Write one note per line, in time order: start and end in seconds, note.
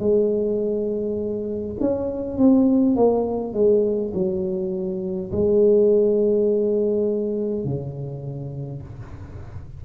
0.00 1.76 G#3
1.81 2.37 C#4
2.37 2.96 C4
2.96 3.54 A#3
3.54 4.13 G#3
4.14 5.32 F#3
5.32 7.65 G#3
7.65 8.83 C#3